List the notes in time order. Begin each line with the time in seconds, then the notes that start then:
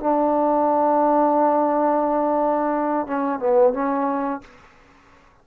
0.00 D4
3.07 C#4
3.39 B3
3.73 C#4